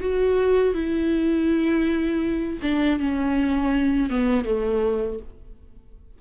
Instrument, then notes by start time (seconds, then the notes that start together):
viola
0.00 F#4
0.74 E4
2.62 D4
3.00 C#4
4.10 B3
4.45 A3